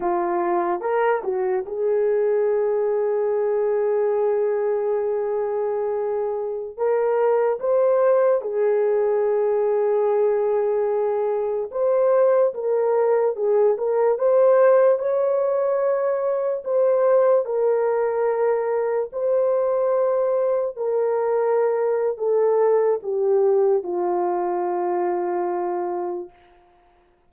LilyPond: \new Staff \with { instrumentName = "horn" } { \time 4/4 \tempo 4 = 73 f'4 ais'8 fis'8 gis'2~ | gis'1~ | gis'16 ais'4 c''4 gis'4.~ gis'16~ | gis'2~ gis'16 c''4 ais'8.~ |
ais'16 gis'8 ais'8 c''4 cis''4.~ cis''16~ | cis''16 c''4 ais'2 c''8.~ | c''4~ c''16 ais'4.~ ais'16 a'4 | g'4 f'2. | }